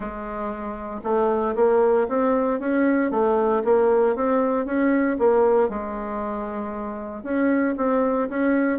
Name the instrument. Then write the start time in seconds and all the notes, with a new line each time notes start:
bassoon
0.00 G#3
1.03 A3
1.55 A#3
2.08 C4
2.59 C#4
3.10 A3
3.64 A#3
4.15 C4
4.65 C#4
5.18 A#3
5.69 G#3
7.23 C#4
7.77 C4
8.29 C#4